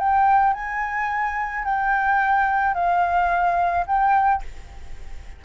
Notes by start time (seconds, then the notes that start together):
0.00 G5
0.54 G#5
1.65 G5
2.75 F5
3.87 G5